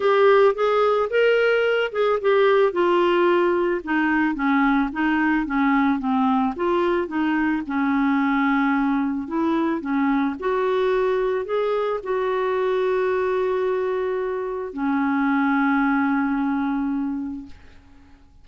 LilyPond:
\new Staff \with { instrumentName = "clarinet" } { \time 4/4 \tempo 4 = 110 g'4 gis'4 ais'4. gis'8 | g'4 f'2 dis'4 | cis'4 dis'4 cis'4 c'4 | f'4 dis'4 cis'2~ |
cis'4 e'4 cis'4 fis'4~ | fis'4 gis'4 fis'2~ | fis'2. cis'4~ | cis'1 | }